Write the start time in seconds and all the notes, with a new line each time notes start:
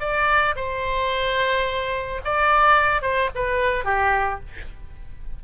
0.00 D5
0.56 C5
2.25 D5
3.02 C5
3.35 B4
3.85 G4